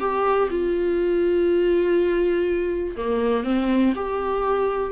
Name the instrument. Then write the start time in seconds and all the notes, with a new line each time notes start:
viola
0.00 G4
0.51 F4
2.97 A#3
3.44 C4
3.96 G4